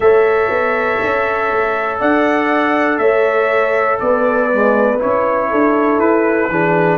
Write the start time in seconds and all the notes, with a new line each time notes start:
0.00 A3 A4 C#5 E5
0.49 B3
1.02 C#4
1.51 A3
1.99 D4 D5 F#5
2.98 A3 C#5 E5
3.99 B3 B4 D5
4.51 G#3
4.98 C#4 E4 C#5
5.50 D4 A4
5.99 E4 B4
6.49 E3 D4 G#4